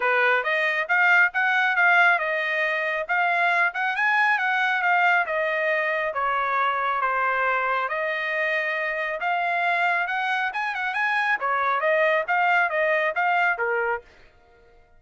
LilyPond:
\new Staff \with { instrumentName = "trumpet" } { \time 4/4 \tempo 4 = 137 b'4 dis''4 f''4 fis''4 | f''4 dis''2 f''4~ | f''8 fis''8 gis''4 fis''4 f''4 | dis''2 cis''2 |
c''2 dis''2~ | dis''4 f''2 fis''4 | gis''8 fis''8 gis''4 cis''4 dis''4 | f''4 dis''4 f''4 ais'4 | }